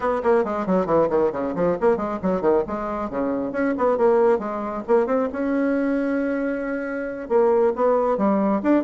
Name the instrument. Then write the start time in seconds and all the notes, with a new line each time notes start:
bassoon
0.00 B3
0.23 A#3
0.44 G#3
0.66 F#3
0.86 E3
1.09 D#3
1.32 C#3
1.55 F3
1.80 A#3
1.96 G#3
2.22 F#3
2.41 D#3
2.67 G#3
3.09 C#3
3.52 C#4
3.77 B3
3.97 A#3
4.38 G#3
4.87 A#3
5.06 C4
5.32 C#4
7.28 A#3
7.75 B3
8.17 G3
8.62 D4